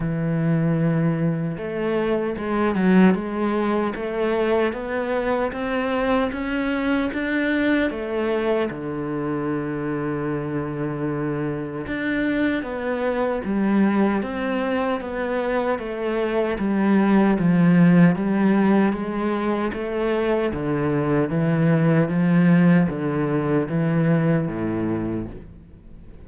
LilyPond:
\new Staff \with { instrumentName = "cello" } { \time 4/4 \tempo 4 = 76 e2 a4 gis8 fis8 | gis4 a4 b4 c'4 | cis'4 d'4 a4 d4~ | d2. d'4 |
b4 g4 c'4 b4 | a4 g4 f4 g4 | gis4 a4 d4 e4 | f4 d4 e4 a,4 | }